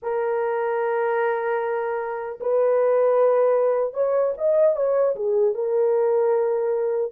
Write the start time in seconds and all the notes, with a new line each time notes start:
0.02 A#4
2.40 B4
3.93 C#5
4.37 D#5
4.75 C#5
5.15 G#4
5.54 A#4